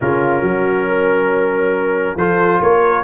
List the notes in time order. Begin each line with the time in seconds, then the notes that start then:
0.01 C#3 C#4 F4 A#4
0.41 F#3 F#4
0.87 A#4
2.16 F3 F4 A4 C5
2.61 A#3 A#4 C#5